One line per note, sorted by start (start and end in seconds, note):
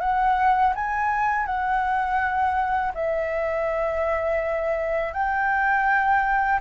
0.00 0.73 F#5
0.75 1.46 G#5
1.46 2.92 F#5
2.94 5.13 E5
5.13 6.59 G5